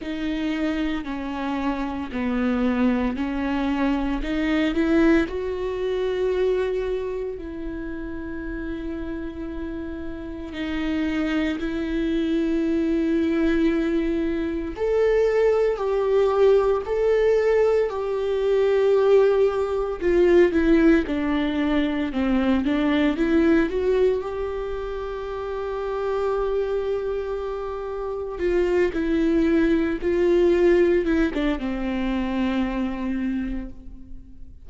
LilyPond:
\new Staff \with { instrumentName = "viola" } { \time 4/4 \tempo 4 = 57 dis'4 cis'4 b4 cis'4 | dis'8 e'8 fis'2 e'4~ | e'2 dis'4 e'4~ | e'2 a'4 g'4 |
a'4 g'2 f'8 e'8 | d'4 c'8 d'8 e'8 fis'8 g'4~ | g'2. f'8 e'8~ | e'8 f'4 e'16 d'16 c'2 | }